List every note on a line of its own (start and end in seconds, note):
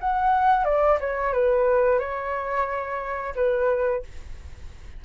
0.00 0.65 F#5
0.65 0.98 D5
1.00 1.33 C#5
1.33 1.99 B4
1.99 3.34 C#5
3.35 4.03 B4